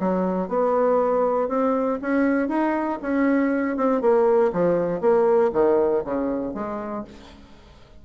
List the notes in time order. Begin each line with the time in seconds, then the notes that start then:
0.00 F#3
0.49 B3
1.49 C4
2.02 C#4
2.49 D#4
3.03 C#4
3.77 C4
4.02 A#3
4.53 F3
5.01 A#3
5.53 D#3
6.05 C#3
6.55 G#3